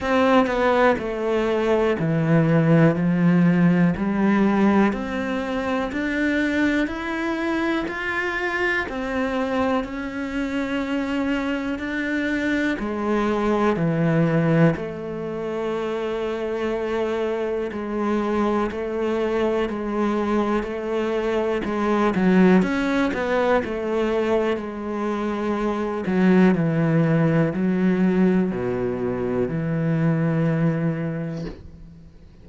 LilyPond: \new Staff \with { instrumentName = "cello" } { \time 4/4 \tempo 4 = 61 c'8 b8 a4 e4 f4 | g4 c'4 d'4 e'4 | f'4 c'4 cis'2 | d'4 gis4 e4 a4~ |
a2 gis4 a4 | gis4 a4 gis8 fis8 cis'8 b8 | a4 gis4. fis8 e4 | fis4 b,4 e2 | }